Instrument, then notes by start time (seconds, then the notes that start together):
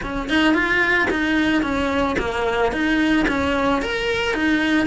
cello
0.02 C#4
0.29 D#4
0.54 F4
1.10 D#4
1.62 C#4
2.18 A#3
2.72 D#4
3.28 C#4
3.82 A#4
4.34 D#4